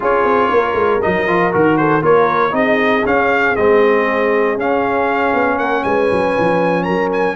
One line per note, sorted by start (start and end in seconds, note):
0.00 0.24 C#4
0.00 1.00 F4
0.00 0.51 G#4
0.00 1.02 C#5
0.24 0.50 C4
0.51 0.74 A#3
0.51 1.79 A#4
0.74 0.99 G#3
1.02 1.27 F#3
1.02 1.27 D#4
1.02 1.52 D#5
1.27 1.52 F3
1.27 1.51 F4
1.51 2.01 D#3
1.51 2.01 F#4
1.51 1.77 A#4
1.77 2.02 A4
1.77 2.02 C5
2.01 2.52 A#3
2.01 2.51 F4
2.01 2.52 A#4
2.01 2.54 C#5
2.51 3.03 C4
2.51 3.01 D#4
2.51 5.57 G#4
2.51 3.05 D#5
3.05 3.56 C#4
3.05 3.56 F5
3.56 4.56 G#3
3.56 4.59 C4
3.56 4.57 D#5
4.56 5.33 C#4
4.56 7.35 C#4
4.56 5.58 F5
5.33 5.58 B3
5.57 5.83 A#3
5.57 5.83 A#4
5.57 5.83 F#5
5.83 6.10 G#3
5.83 6.84 B4
5.83 6.83 G#5
6.11 6.36 F#3
6.38 6.88 F3
6.83 7.35 F#3
6.83 7.35 A#4
6.83 7.08 A#5
7.12 7.35 G#5